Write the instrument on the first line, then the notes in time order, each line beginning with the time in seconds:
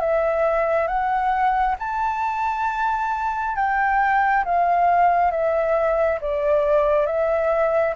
flute
0.00 E5
0.87 F#5
1.79 A5
3.56 G5
4.44 F5
5.31 E5
6.21 D5
7.06 E5